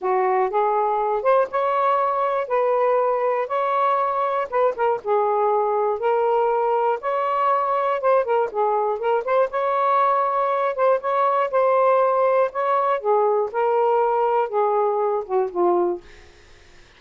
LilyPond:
\new Staff \with { instrumentName = "saxophone" } { \time 4/4 \tempo 4 = 120 fis'4 gis'4. c''8 cis''4~ | cis''4 b'2 cis''4~ | cis''4 b'8 ais'8 gis'2 | ais'2 cis''2 |
c''8 ais'8 gis'4 ais'8 c''8 cis''4~ | cis''4. c''8 cis''4 c''4~ | c''4 cis''4 gis'4 ais'4~ | ais'4 gis'4. fis'8 f'4 | }